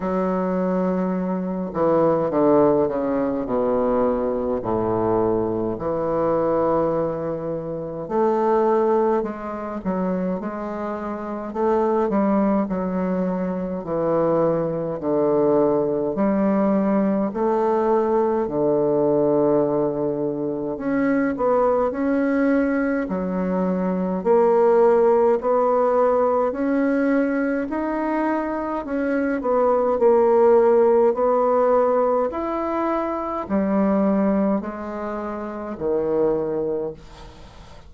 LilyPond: \new Staff \with { instrumentName = "bassoon" } { \time 4/4 \tempo 4 = 52 fis4. e8 d8 cis8 b,4 | a,4 e2 a4 | gis8 fis8 gis4 a8 g8 fis4 | e4 d4 g4 a4 |
d2 cis'8 b8 cis'4 | fis4 ais4 b4 cis'4 | dis'4 cis'8 b8 ais4 b4 | e'4 g4 gis4 dis4 | }